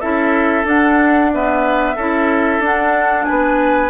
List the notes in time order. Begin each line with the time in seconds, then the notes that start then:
0.00 C#4 E4 A4 E5
0.64 D4 F#5
1.33 B3 B4 E5
1.95 C#4 E4 A4
2.59 D4 F#5
3.24 B4 G#5
3.30 B3